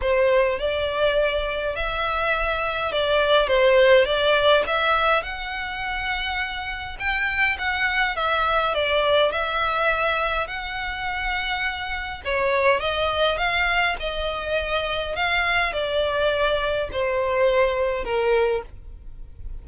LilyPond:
\new Staff \with { instrumentName = "violin" } { \time 4/4 \tempo 4 = 103 c''4 d''2 e''4~ | e''4 d''4 c''4 d''4 | e''4 fis''2. | g''4 fis''4 e''4 d''4 |
e''2 fis''2~ | fis''4 cis''4 dis''4 f''4 | dis''2 f''4 d''4~ | d''4 c''2 ais'4 | }